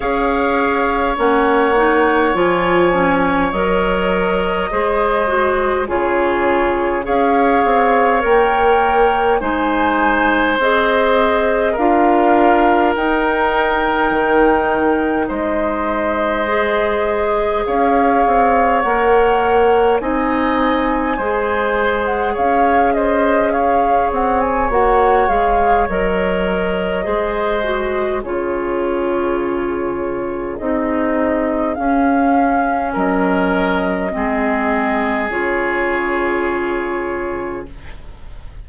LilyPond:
<<
  \new Staff \with { instrumentName = "flute" } { \time 4/4 \tempo 4 = 51 f''4 fis''4 gis''4 dis''4~ | dis''4 cis''4 f''4 g''4 | gis''4 dis''4 f''4 g''4~ | g''4 dis''2 f''4 |
fis''4 gis''4.~ gis''16 fis''16 f''8 dis''8 | f''8 fis''16 gis''16 fis''8 f''8 dis''2 | cis''2 dis''4 f''4 | dis''2 cis''2 | }
  \new Staff \with { instrumentName = "oboe" } { \time 4/4 cis''1 | c''4 gis'4 cis''2 | c''2 ais'2~ | ais'4 c''2 cis''4~ |
cis''4 dis''4 c''4 cis''8 c''8 | cis''2. c''4 | gis'1 | ais'4 gis'2. | }
  \new Staff \with { instrumentName = "clarinet" } { \time 4/4 gis'4 cis'8 dis'8 f'8 cis'8 ais'4 | gis'8 fis'8 f'4 gis'4 ais'4 | dis'4 gis'4 f'4 dis'4~ | dis'2 gis'2 |
ais'4 dis'4 gis'2~ | gis'4 fis'8 gis'8 ais'4 gis'8 fis'8 | f'2 dis'4 cis'4~ | cis'4 c'4 f'2 | }
  \new Staff \with { instrumentName = "bassoon" } { \time 4/4 cis'4 ais4 f4 fis4 | gis4 cis4 cis'8 c'8 ais4 | gis4 c'4 d'4 dis'4 | dis4 gis2 cis'8 c'8 |
ais4 c'4 gis4 cis'4~ | cis'8 c'8 ais8 gis8 fis4 gis4 | cis2 c'4 cis'4 | fis4 gis4 cis2 | }
>>